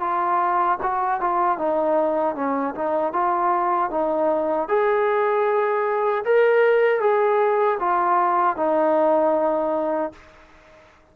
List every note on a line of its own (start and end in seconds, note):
0.00 0.78 F4
0.83 1.20 F#4
1.20 1.58 F4
1.58 2.35 D#4
2.35 2.74 C#4
2.74 3.12 D#4
3.12 3.90 F4
3.90 4.68 D#4
4.68 6.24 G#4
6.24 7.00 A#4
7.00 7.78 G#4
7.80 8.56 F4
8.56 10.12 D#4